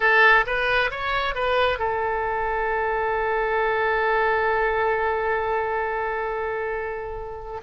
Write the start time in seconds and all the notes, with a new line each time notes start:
0.00 A4
0.46 B4
0.90 C#5
1.34 B4
1.78 A4